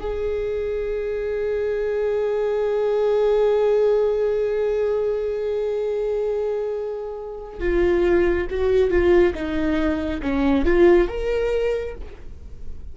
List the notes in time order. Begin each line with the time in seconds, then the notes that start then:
0.00 G#4
7.60 F4
8.51 F#4
8.91 F4
9.35 D#4
10.23 C#4
10.65 F4
11.09 A#4